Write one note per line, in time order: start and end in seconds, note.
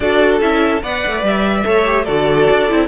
0.00 0.41 D4
0.00 0.40 F#4
0.00 0.82 A4
0.00 0.37 D5
0.40 0.82 C#4
0.40 0.82 E4
0.40 0.82 E5
0.82 1.03 B3
0.82 1.64 B4
0.82 1.65 D5
0.82 1.24 F#5
1.06 1.22 A3
1.22 1.64 G3
1.22 2.05 E5
1.64 2.07 A3
1.64 1.84 A4
1.64 2.04 C#5
1.84 2.05 G4
2.04 2.48 D3
2.04 2.69 F#4
2.04 2.87 A4
2.04 2.87 D5
2.50 2.71 D4
2.69 2.87 C4
2.69 2.87 E4